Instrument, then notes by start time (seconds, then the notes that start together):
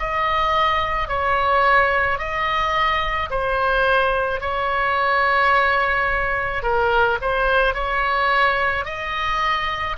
oboe
0.00 D#5
1.09 C#5
2.19 D#5
3.31 C5
4.41 C#5
6.63 A#4
7.22 C5
7.75 C#5
8.85 D#5